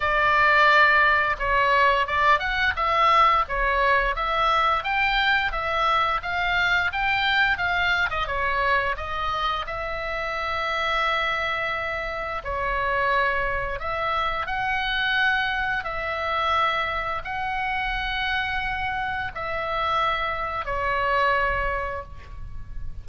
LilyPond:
\new Staff \with { instrumentName = "oboe" } { \time 4/4 \tempo 4 = 87 d''2 cis''4 d''8 fis''8 | e''4 cis''4 e''4 g''4 | e''4 f''4 g''4 f''8. dis''16 | cis''4 dis''4 e''2~ |
e''2 cis''2 | e''4 fis''2 e''4~ | e''4 fis''2. | e''2 cis''2 | }